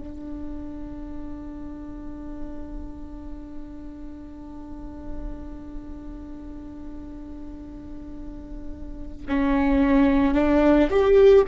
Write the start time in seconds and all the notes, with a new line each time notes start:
0.00 D4
9.28 C#4
10.34 D4
10.90 G4